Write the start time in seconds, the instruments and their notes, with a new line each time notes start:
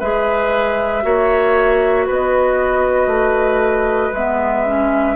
0.00 bassoon G#3, clarinet G#4, oboe B4, flute E5
1.02 bassoon A#3, clarinet F#4, oboe C#5
2.06 bassoon B3, oboe B4, flute D#5
3.07 bassoon A3
4.13 bassoon G#3, clarinet B3, flute E5
4.66 clarinet C#4